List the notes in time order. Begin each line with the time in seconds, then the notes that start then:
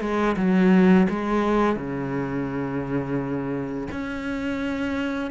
0.00 G#3
0.36 F#3
1.09 G#3
1.76 C#3
3.91 C#4